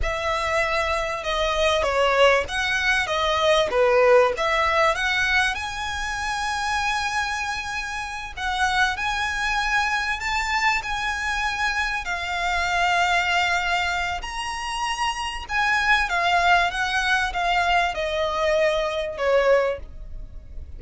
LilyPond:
\new Staff \with { instrumentName = "violin" } { \time 4/4 \tempo 4 = 97 e''2 dis''4 cis''4 | fis''4 dis''4 b'4 e''4 | fis''4 gis''2.~ | gis''4. fis''4 gis''4.~ |
gis''8 a''4 gis''2 f''8~ | f''2. ais''4~ | ais''4 gis''4 f''4 fis''4 | f''4 dis''2 cis''4 | }